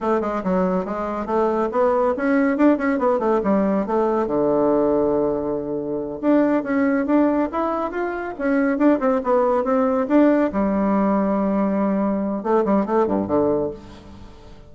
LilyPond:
\new Staff \with { instrumentName = "bassoon" } { \time 4/4 \tempo 4 = 140 a8 gis8 fis4 gis4 a4 | b4 cis'4 d'8 cis'8 b8 a8 | g4 a4 d2~ | d2~ d8 d'4 cis'8~ |
cis'8 d'4 e'4 f'4 cis'8~ | cis'8 d'8 c'8 b4 c'4 d'8~ | d'8 g2.~ g8~ | g4 a8 g8 a8 g,8 d4 | }